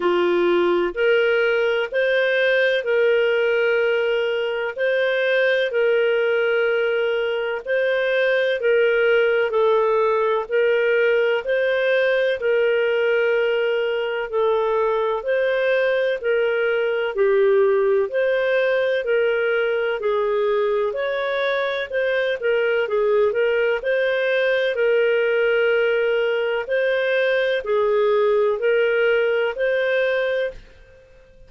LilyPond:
\new Staff \with { instrumentName = "clarinet" } { \time 4/4 \tempo 4 = 63 f'4 ais'4 c''4 ais'4~ | ais'4 c''4 ais'2 | c''4 ais'4 a'4 ais'4 | c''4 ais'2 a'4 |
c''4 ais'4 g'4 c''4 | ais'4 gis'4 cis''4 c''8 ais'8 | gis'8 ais'8 c''4 ais'2 | c''4 gis'4 ais'4 c''4 | }